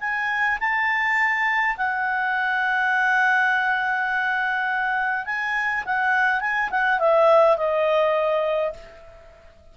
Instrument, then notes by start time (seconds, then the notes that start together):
clarinet
0.00 G#5
0.60 A5
1.77 F#5
5.26 G#5
5.85 F#5
6.40 G#5
6.70 F#5
6.99 E5
7.56 D#5